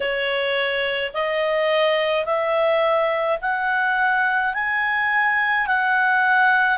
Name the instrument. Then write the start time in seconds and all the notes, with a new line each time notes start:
clarinet
0.00 C#5
1.13 D#5
2.25 E5
3.41 F#5
4.53 G#5
5.67 F#5